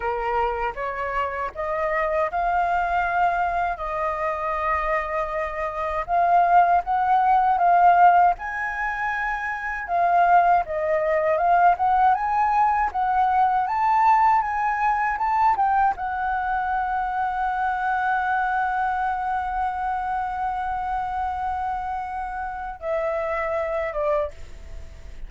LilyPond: \new Staff \with { instrumentName = "flute" } { \time 4/4 \tempo 4 = 79 ais'4 cis''4 dis''4 f''4~ | f''4 dis''2. | f''4 fis''4 f''4 gis''4~ | gis''4 f''4 dis''4 f''8 fis''8 |
gis''4 fis''4 a''4 gis''4 | a''8 g''8 fis''2.~ | fis''1~ | fis''2 e''4. d''8 | }